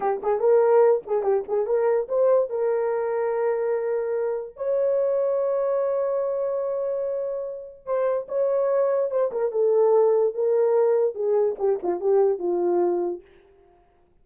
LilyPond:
\new Staff \with { instrumentName = "horn" } { \time 4/4 \tempo 4 = 145 g'8 gis'8 ais'4. gis'8 g'8 gis'8 | ais'4 c''4 ais'2~ | ais'2. cis''4~ | cis''1~ |
cis''2. c''4 | cis''2 c''8 ais'8 a'4~ | a'4 ais'2 gis'4 | g'8 f'8 g'4 f'2 | }